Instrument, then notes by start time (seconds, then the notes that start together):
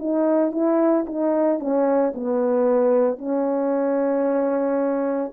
horn
0.00 D#4
0.52 E4
1.07 D#4
1.60 C#4
2.15 B3
3.19 C#4